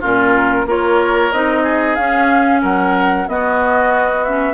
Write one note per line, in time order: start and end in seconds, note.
0.00 0.65 A#2
0.00 0.66 C#4
0.00 0.65 F4
0.00 0.68 A#4
0.65 1.31 A#3
0.65 1.31 F4
0.65 1.63 A#4
0.65 1.32 C#5
1.32 1.97 C4
1.32 1.98 D#4
1.32 1.95 D#5
1.63 2.60 G#4
1.95 2.62 C#4
1.95 3.27 C#4
1.95 2.60 F5
2.61 3.28 F#3
2.61 3.26 A#4
2.61 3.28 F#5
3.27 4.25 B3
3.27 4.53 B3
3.27 4.53 F#4
3.27 4.23 D#5
4.23 4.53 C#4
4.23 4.53 E5